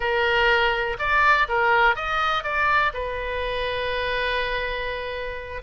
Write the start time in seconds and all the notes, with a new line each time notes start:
0.00 A#4
0.98 D5
1.48 A#4
1.95 D#5
2.43 D5
2.93 B4